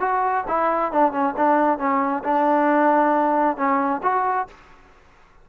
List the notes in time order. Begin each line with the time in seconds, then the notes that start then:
0.00 F#4
0.47 E4
0.92 D4
1.12 C#4
1.37 D4
1.79 C#4
2.24 D4
3.57 C#4
4.03 F#4